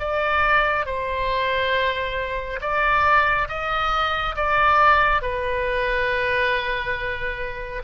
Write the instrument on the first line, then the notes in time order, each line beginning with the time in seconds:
oboe
0.00 D5
0.86 C5
2.61 D5
3.49 D#5
4.36 D5
5.22 B4